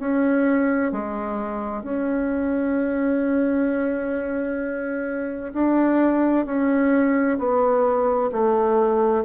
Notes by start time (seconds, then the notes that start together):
0.00 C#4
0.92 G#3
1.84 C#4
5.53 D4
6.46 C#4
7.38 B3
8.32 A3